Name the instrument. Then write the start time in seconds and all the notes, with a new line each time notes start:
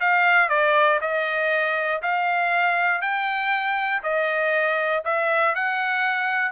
trumpet
0.00 F5
0.49 D5
1.01 D#5
2.02 F5
3.01 G5
4.03 D#5
5.04 E5
5.55 F#5